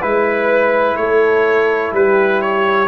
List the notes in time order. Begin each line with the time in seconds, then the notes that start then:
0.00 G#3 E4 B4
0.96 A3 A4 C#5
1.92 G3 G4 B4
2.42 C#5